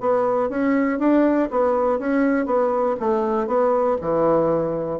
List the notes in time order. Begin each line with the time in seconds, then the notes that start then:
0.00 B3
0.49 C#4
0.99 D4
1.50 B3
1.99 C#4
2.45 B3
3.00 A3
3.47 B3
4.00 E3